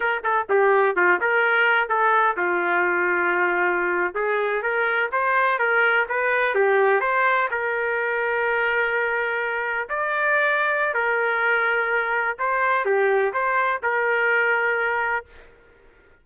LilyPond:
\new Staff \with { instrumentName = "trumpet" } { \time 4/4 \tempo 4 = 126 ais'8 a'8 g'4 f'8 ais'4. | a'4 f'2.~ | f'8. gis'4 ais'4 c''4 ais'16~ | ais'8. b'4 g'4 c''4 ais'16~ |
ais'1~ | ais'8. d''2~ d''16 ais'4~ | ais'2 c''4 g'4 | c''4 ais'2. | }